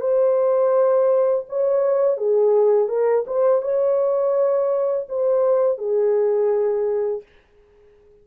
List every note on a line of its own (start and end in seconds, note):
0.00 1.45 C5
1.49 2.17 C#5
2.17 2.88 G#4
2.88 3.24 A#4
3.27 3.62 C5
3.62 5.06 C#5
5.08 5.78 C5
5.78 7.22 G#4